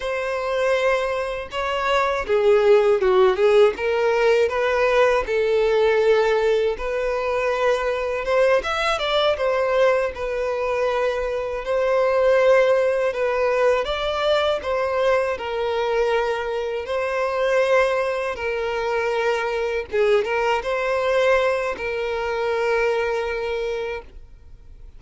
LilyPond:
\new Staff \with { instrumentName = "violin" } { \time 4/4 \tempo 4 = 80 c''2 cis''4 gis'4 | fis'8 gis'8 ais'4 b'4 a'4~ | a'4 b'2 c''8 e''8 | d''8 c''4 b'2 c''8~ |
c''4. b'4 d''4 c''8~ | c''8 ais'2 c''4.~ | c''8 ais'2 gis'8 ais'8 c''8~ | c''4 ais'2. | }